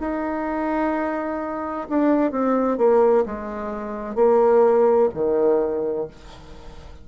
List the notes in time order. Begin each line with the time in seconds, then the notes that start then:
0.00 D#4
1.89 D4
2.31 C4
2.77 A#3
3.26 G#3
4.15 A#3
5.14 D#3